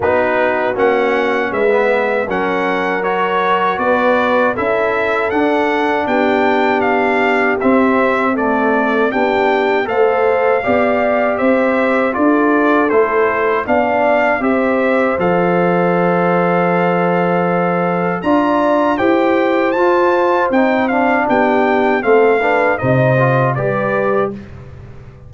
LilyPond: <<
  \new Staff \with { instrumentName = "trumpet" } { \time 4/4 \tempo 4 = 79 b'4 fis''4 e''4 fis''4 | cis''4 d''4 e''4 fis''4 | g''4 f''4 e''4 d''4 | g''4 f''2 e''4 |
d''4 c''4 f''4 e''4 | f''1 | ais''4 g''4 a''4 g''8 f''8 | g''4 f''4 dis''4 d''4 | }
  \new Staff \with { instrumentName = "horn" } { \time 4/4 fis'2 b'4 ais'4~ | ais'4 b'4 a'2 | g'2. a'4 | g'4 c''4 d''4 c''4 |
a'2 d''4 c''4~ | c''1 | d''4 c''2. | g'4 a'8 b'8 c''4 b'4 | }
  \new Staff \with { instrumentName = "trombone" } { \time 4/4 dis'4 cis'4~ cis'16 b8. cis'4 | fis'2 e'4 d'4~ | d'2 c'4 a4 | d'4 a'4 g'2 |
f'4 e'4 d'4 g'4 | a'1 | f'4 g'4 f'4 dis'8 d'8~ | d'4 c'8 d'8 dis'8 f'8 g'4 | }
  \new Staff \with { instrumentName = "tuba" } { \time 4/4 b4 ais4 gis4 fis4~ | fis4 b4 cis'4 d'4 | b2 c'2 | b4 a4 b4 c'4 |
d'4 a4 b4 c'4 | f1 | d'4 e'4 f'4 c'4 | b4 a4 c4 g4 | }
>>